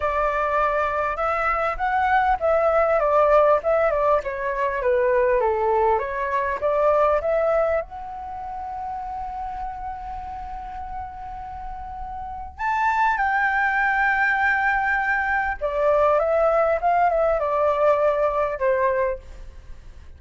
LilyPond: \new Staff \with { instrumentName = "flute" } { \time 4/4 \tempo 4 = 100 d''2 e''4 fis''4 | e''4 d''4 e''8 d''8 cis''4 | b'4 a'4 cis''4 d''4 | e''4 fis''2.~ |
fis''1~ | fis''4 a''4 g''2~ | g''2 d''4 e''4 | f''8 e''8 d''2 c''4 | }